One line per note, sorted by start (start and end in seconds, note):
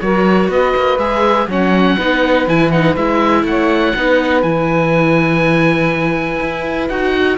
0.00 0.48 F#3
0.00 0.99 F#4
0.00 0.50 A#4
0.00 0.49 C#5
0.48 0.73 B3
0.48 1.47 B4
0.48 0.98 D#5
0.76 0.97 A#3
0.97 1.47 G#3
0.97 1.48 G#4
0.97 1.47 E5
1.47 1.96 F#3
1.47 1.98 C#4
1.47 1.95 C#5
1.47 2.48 F#5
1.95 2.47 B3
1.95 2.47 D#4
1.95 3.43 B4
2.47 2.96 E3
2.47 2.72 E4
2.47 2.70 G#5
2.70 2.96 D#4
2.70 2.95 F#5
2.96 3.43 G#3
2.96 3.95 E4
2.96 3.45 E5
3.43 3.92 A3
3.43 3.95 C#5
3.43 4.42 F#5
3.95 4.43 B3
3.95 4.43 D#4
3.95 7.38 B4
4.42 6.39 E3
4.42 6.89 E4
4.42 6.88 G#5
6.40 6.89 E4
6.88 7.38 D#4
6.88 7.38 F#4
6.88 7.37 F#5